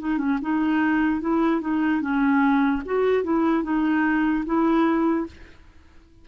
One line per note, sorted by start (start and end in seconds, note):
0.00 0.18 D#4
0.18 0.39 C#4
0.42 1.21 D#4
1.21 1.61 E4
1.61 2.02 D#4
2.02 2.83 C#4
2.86 3.24 F#4
3.24 3.63 E4
3.63 4.44 D#4
4.46 5.27 E4